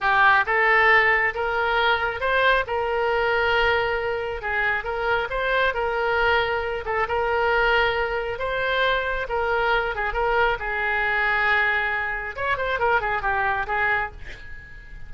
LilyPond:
\new Staff \with { instrumentName = "oboe" } { \time 4/4 \tempo 4 = 136 g'4 a'2 ais'4~ | ais'4 c''4 ais'2~ | ais'2 gis'4 ais'4 | c''4 ais'2~ ais'8 a'8 |
ais'2. c''4~ | c''4 ais'4. gis'8 ais'4 | gis'1 | cis''8 c''8 ais'8 gis'8 g'4 gis'4 | }